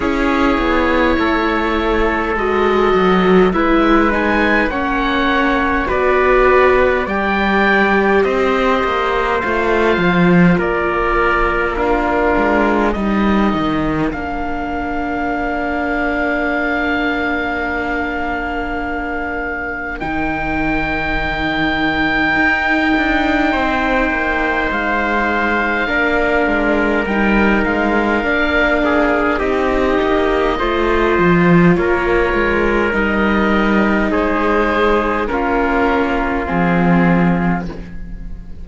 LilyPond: <<
  \new Staff \with { instrumentName = "oboe" } { \time 4/4 \tempo 4 = 51 cis''2 dis''4 e''8 gis''8 | fis''4 d''4 g''4 dis''4 | f''4 d''4 ais'4 dis''4 | f''1~ |
f''4 g''2.~ | g''4 f''2 g''8 f''8~ | f''4 dis''2 cis''4 | dis''4 c''4 ais'4 gis'4 | }
  \new Staff \with { instrumentName = "trumpet" } { \time 4/4 gis'4 a'2 b'4 | cis''4 b'4 d''4 c''4~ | c''4 ais'4 f'4 ais'4~ | ais'1~ |
ais'1 | c''2 ais'2~ | ais'8 gis'8 g'4 c''4 ais'4~ | ais'4 gis'4 f'2 | }
  \new Staff \with { instrumentName = "viola" } { \time 4/4 e'2 fis'4 e'8 dis'8 | cis'4 fis'4 g'2 | f'2 d'4 dis'4 | d'1~ |
d'4 dis'2.~ | dis'2 d'4 dis'4 | d'4 dis'4 f'2 | dis'2 cis'4 c'4 | }
  \new Staff \with { instrumentName = "cello" } { \time 4/4 cis'8 b8 a4 gis8 fis8 gis4 | ais4 b4 g4 c'8 ais8 | a8 f8 ais4. gis8 g8 dis8 | ais1~ |
ais4 dis2 dis'8 d'8 | c'8 ais8 gis4 ais8 gis8 g8 gis8 | ais4 c'8 ais8 a8 f8 ais8 gis8 | g4 gis4 ais4 f4 | }
>>